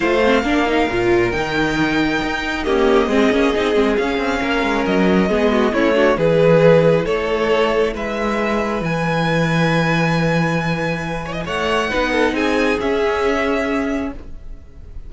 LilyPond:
<<
  \new Staff \with { instrumentName = "violin" } { \time 4/4 \tempo 4 = 136 f''2. g''4~ | g''2 dis''2~ | dis''4 f''2 dis''4~ | dis''4 cis''4 b'2 |
cis''2 e''2 | gis''1~ | gis''2 fis''2 | gis''4 e''2. | }
  \new Staff \with { instrumentName = "violin" } { \time 4/4 c''4 ais'2.~ | ais'2 g'4 gis'4~ | gis'2 ais'2 | gis'8 fis'8 e'8 fis'8 gis'2 |
a'2 b'2~ | b'1~ | b'4. cis''16 dis''16 cis''4 b'8 a'8 | gis'1 | }
  \new Staff \with { instrumentName = "viola" } { \time 4/4 f'8 c'8 d'8 dis'8 f'4 dis'4~ | dis'2 ais4 c'8 cis'8 | dis'8 c'8 cis'2. | b4 cis'8 d'8 e'2~ |
e'1~ | e'1~ | e'2. dis'4~ | dis'4 cis'2. | }
  \new Staff \with { instrumentName = "cello" } { \time 4/4 a4 ais4 ais,4 dis4~ | dis4 dis'4 cis'4 gis8 ais8 | c'8 gis8 cis'8 c'8 ais8 gis8 fis4 | gis4 a4 e2 |
a2 gis2 | e1~ | e2 a4 b4 | c'4 cis'2. | }
>>